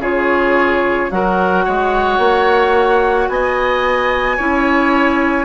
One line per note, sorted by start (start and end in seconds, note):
0.00 1.09 C#3
0.00 1.11 F4
0.00 1.10 G#4
0.00 1.11 C#5
1.11 1.66 F#3
1.11 4.38 F#4
1.11 1.65 A#4
1.11 3.28 F#5
1.65 2.19 G#3
1.65 3.29 C#5
2.19 3.28 A#3
3.28 4.38 B3
3.28 4.37 D#5
3.28 5.45 G#5
4.37 5.45 C#4
4.37 5.45 E4
4.37 5.45 C#5